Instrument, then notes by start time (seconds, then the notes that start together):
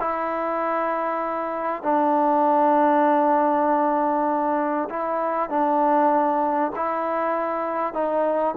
trombone
0.00 E4
1.83 D4
4.90 E4
5.50 D4
6.76 E4
7.94 D#4